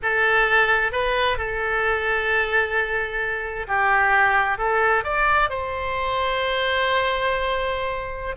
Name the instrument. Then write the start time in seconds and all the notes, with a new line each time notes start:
oboe
0.02 A4
0.92 B4
1.37 A4
3.67 G4
4.58 A4
5.04 D5
5.49 C5